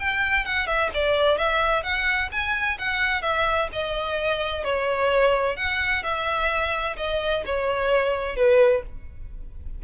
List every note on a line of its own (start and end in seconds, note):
0.00 0.45 G5
0.45 0.67 F#5
0.67 0.90 E5
0.94 1.38 D5
1.38 1.83 E5
1.83 2.30 F#5
2.32 2.78 G#5
2.78 3.22 F#5
3.22 3.69 E5
3.73 4.64 D#5
4.64 5.57 C#5
5.57 6.03 F#5
6.03 6.96 E5
6.97 7.43 D#5
7.46 8.36 C#5
8.36 8.83 B4